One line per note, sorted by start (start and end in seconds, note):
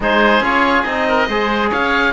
0.00 0.40 G#3
0.00 0.42 D#4
0.00 1.08 G#4
0.00 0.44 C5
0.40 0.83 C#4
0.40 0.85 F4
0.40 0.83 C#5
0.83 1.28 C4
0.83 1.29 D#4
0.83 1.68 D#5
1.08 1.27 A#4
1.27 1.71 G#3
1.27 2.13 G#4
1.27 1.69 C5
1.69 2.13 C#4
1.69 2.12 C#5
1.69 2.13 F5